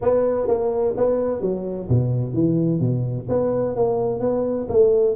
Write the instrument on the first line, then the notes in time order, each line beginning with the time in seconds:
tuba
0.01 B3
0.47 A#3
0.96 B3
1.41 F#3
1.89 B2
2.33 E3
2.80 B2
3.28 B3
3.75 A#3
4.20 B3
4.69 A3